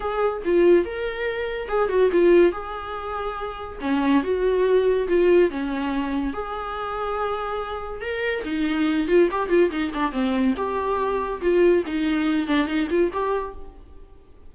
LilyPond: \new Staff \with { instrumentName = "viola" } { \time 4/4 \tempo 4 = 142 gis'4 f'4 ais'2 | gis'8 fis'8 f'4 gis'2~ | gis'4 cis'4 fis'2 | f'4 cis'2 gis'4~ |
gis'2. ais'4 | dis'4. f'8 g'8 f'8 dis'8 d'8 | c'4 g'2 f'4 | dis'4. d'8 dis'8 f'8 g'4 | }